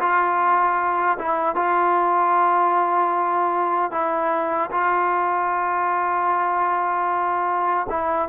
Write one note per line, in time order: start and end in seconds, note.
0.00 1.18 F4
1.19 1.56 E4
1.56 3.92 F4
3.92 4.71 E4
4.72 7.87 F4
7.90 8.29 E4